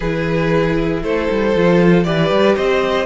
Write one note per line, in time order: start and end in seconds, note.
0.00 1.02 E3
0.00 1.55 E4
0.00 1.03 G#4
0.00 1.00 B4
1.02 1.28 A3
1.02 2.06 A4
1.02 2.04 C5
1.30 1.55 G3
1.55 2.06 F3
1.55 2.04 F4
2.04 2.30 E3
2.04 3.06 G4
2.04 2.55 B4
2.04 2.55 D5
2.30 2.55 G3
2.55 3.06 C4
2.55 3.06 C5
2.55 3.06 D#5